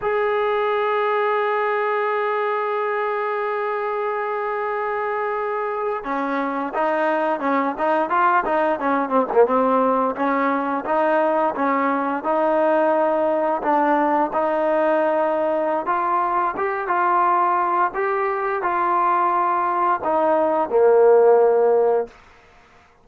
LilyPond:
\new Staff \with { instrumentName = "trombone" } { \time 4/4 \tempo 4 = 87 gis'1~ | gis'1~ | gis'8. cis'4 dis'4 cis'8 dis'8 f'16~ | f'16 dis'8 cis'8 c'16 ais16 c'4 cis'4 dis'16~ |
dis'8. cis'4 dis'2 d'16~ | d'8. dis'2~ dis'16 f'4 | g'8 f'4. g'4 f'4~ | f'4 dis'4 ais2 | }